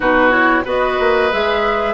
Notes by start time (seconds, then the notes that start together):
0.00 B2 D#4 F#4 B4
0.30 E4 C#5
0.65 B3 F#4 B4 D#5
0.99 A#3
1.32 G#3 G#4 E5